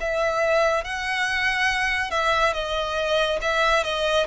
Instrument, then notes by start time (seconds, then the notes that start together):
violin
0.00 E5
0.84 F#5
2.10 E5
2.53 D#5
3.41 E5
3.84 D#5